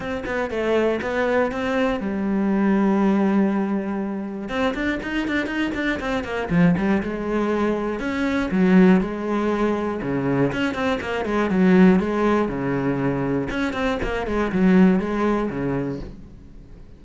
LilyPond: \new Staff \with { instrumentName = "cello" } { \time 4/4 \tempo 4 = 120 c'8 b8 a4 b4 c'4 | g1~ | g4 c'8 d'8 dis'8 d'8 dis'8 d'8 | c'8 ais8 f8 g8 gis2 |
cis'4 fis4 gis2 | cis4 cis'8 c'8 ais8 gis8 fis4 | gis4 cis2 cis'8 c'8 | ais8 gis8 fis4 gis4 cis4 | }